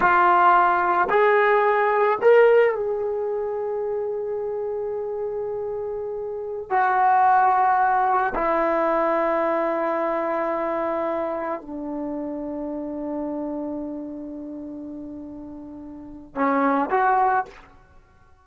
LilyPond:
\new Staff \with { instrumentName = "trombone" } { \time 4/4 \tempo 4 = 110 f'2 gis'2 | ais'4 gis'2.~ | gis'1~ | gis'16 fis'2. e'8.~ |
e'1~ | e'4~ e'16 d'2~ d'8.~ | d'1~ | d'2 cis'4 fis'4 | }